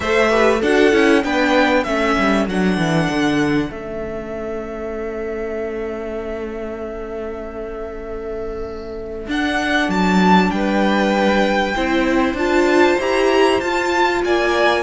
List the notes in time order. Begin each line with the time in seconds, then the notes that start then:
0.00 A3 A4 C5 E5
0.30 G4 B4
0.60 D4 F#4 A4 F#5
0.92 C#4 E4
1.23 B3 D4 B4 G5
1.83 A3 C#4 A4 E5
2.17 G3
2.47 F#3 D4 F#5
2.77 E3
3.10 D3
3.69 A3 C#4 E5
9.27 D4 F#5
9.88 F#3 A5
10.50 G3 B4 G5
11.74 C4 E4 C5
12.33 D4 F4 A5
12.99 E4 G4 A#5
13.60 F4 A5
14.24 A#3 D5 G#5